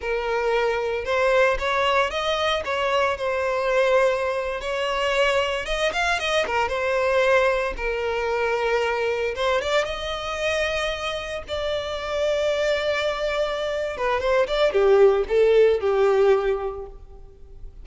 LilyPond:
\new Staff \with { instrumentName = "violin" } { \time 4/4 \tempo 4 = 114 ais'2 c''4 cis''4 | dis''4 cis''4 c''2~ | c''8. cis''2 dis''8 f''8 dis''16~ | dis''16 ais'8 c''2 ais'4~ ais'16~ |
ais'4.~ ais'16 c''8 d''8 dis''4~ dis''16~ | dis''4.~ dis''16 d''2~ d''16~ | d''2~ d''8 b'8 c''8 d''8 | g'4 a'4 g'2 | }